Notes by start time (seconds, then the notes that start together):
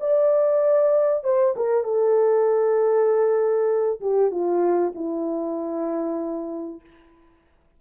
0.00 D5
1.24 C5
1.56 A#4
1.84 A4
4.00 G4
4.31 F4
4.95 E4